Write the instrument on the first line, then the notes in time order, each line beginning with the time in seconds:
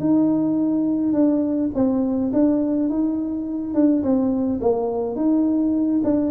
tuba
0.00 D#4
1.14 D4
1.75 C4
2.33 D4
2.90 D#4
3.75 D4
4.03 C4
4.61 A#3
5.16 D#4
6.04 D4